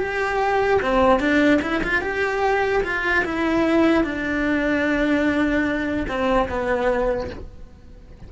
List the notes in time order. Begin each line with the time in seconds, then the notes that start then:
0.00 G4
0.82 C4
1.20 D4
1.63 E4
1.84 F4
2.02 G4
2.84 F4
3.25 E4
4.04 D4
6.08 C4
6.49 B3